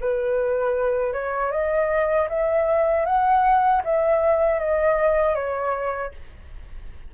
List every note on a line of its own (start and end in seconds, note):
0.00 1.13 B4
1.13 1.51 C#5
1.51 2.28 D#5
2.29 3.05 E5
3.05 3.82 F#5
3.84 4.59 E5
4.59 5.35 D#5
5.35 6.12 C#5